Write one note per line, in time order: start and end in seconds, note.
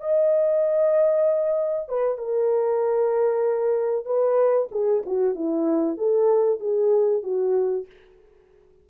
0.00 1.88 D#5
1.88 2.17 B4
2.17 4.05 A#4
4.05 4.68 B4
4.71 5.03 G#4
5.06 5.35 F#4
5.35 5.97 E4
5.97 6.59 A4
6.59 7.23 G#4
7.23 7.86 F#4